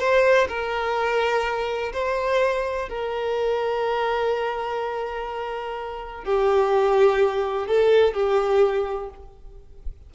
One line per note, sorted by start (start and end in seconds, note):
0.00 0.48 C5
0.49 1.93 A#4
1.93 2.89 C5
2.89 6.25 A#4
6.25 7.67 G4
7.67 8.14 A4
8.14 9.10 G4